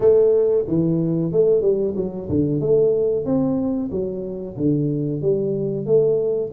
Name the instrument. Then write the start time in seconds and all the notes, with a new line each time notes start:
tuba
0.00 A3
0.67 E3
1.32 A3
1.61 G3
1.96 F#3
2.29 D3
2.60 A3
3.25 C4
3.91 F#3
4.57 D3
5.21 G3
5.86 A3